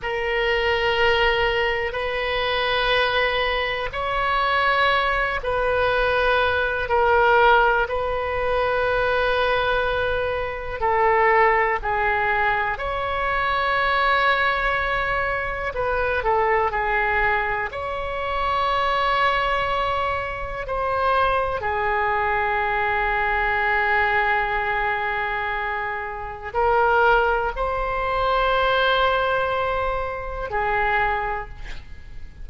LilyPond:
\new Staff \with { instrumentName = "oboe" } { \time 4/4 \tempo 4 = 61 ais'2 b'2 | cis''4. b'4. ais'4 | b'2. a'4 | gis'4 cis''2. |
b'8 a'8 gis'4 cis''2~ | cis''4 c''4 gis'2~ | gis'2. ais'4 | c''2. gis'4 | }